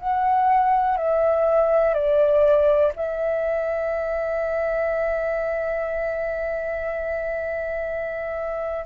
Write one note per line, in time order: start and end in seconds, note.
0.00 0.97 F#5
0.97 1.94 E5
1.94 2.93 D5
2.96 8.86 E5